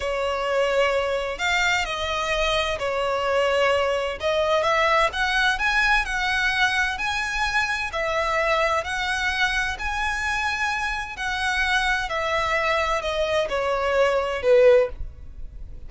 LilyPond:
\new Staff \with { instrumentName = "violin" } { \time 4/4 \tempo 4 = 129 cis''2. f''4 | dis''2 cis''2~ | cis''4 dis''4 e''4 fis''4 | gis''4 fis''2 gis''4~ |
gis''4 e''2 fis''4~ | fis''4 gis''2. | fis''2 e''2 | dis''4 cis''2 b'4 | }